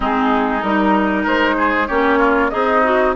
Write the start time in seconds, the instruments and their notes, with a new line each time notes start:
0.00 bassoon G#3, clarinet C4, oboe D#4, flute G#4
0.62 bassoon G3, clarinet D#4, flute A#4
1.23 bassoon G#3, oboe A#4, flute C5
1.57 oboe G#4
1.87 bassoon A#3, clarinet C#4, oboe G4, flute C#5
2.18 oboe F4
2.49 bassoon C4, oboe D#4, clarinet G#4, flute D#5
2.83 clarinet F#4